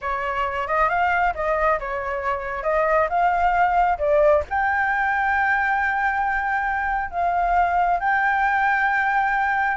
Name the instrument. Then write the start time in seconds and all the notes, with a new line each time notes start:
flute
0.01 C#5
0.67 D#5
0.89 F5
1.34 D#5
1.79 C#5
2.63 D#5
3.09 F5
3.98 D5
4.49 G5
7.11 F5
7.99 G5